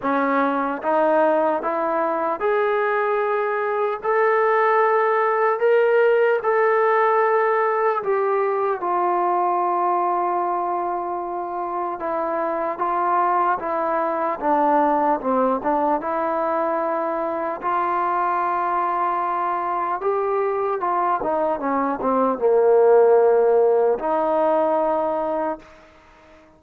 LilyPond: \new Staff \with { instrumentName = "trombone" } { \time 4/4 \tempo 4 = 75 cis'4 dis'4 e'4 gis'4~ | gis'4 a'2 ais'4 | a'2 g'4 f'4~ | f'2. e'4 |
f'4 e'4 d'4 c'8 d'8 | e'2 f'2~ | f'4 g'4 f'8 dis'8 cis'8 c'8 | ais2 dis'2 | }